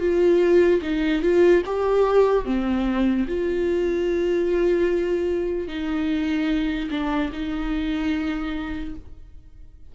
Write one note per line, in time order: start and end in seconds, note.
0.00 0.81 F4
0.82 1.22 D#4
1.22 1.63 F4
1.66 2.45 G4
2.45 3.27 C4
3.28 5.68 F4
5.68 6.89 D#4
6.91 7.31 D4
7.33 8.95 D#4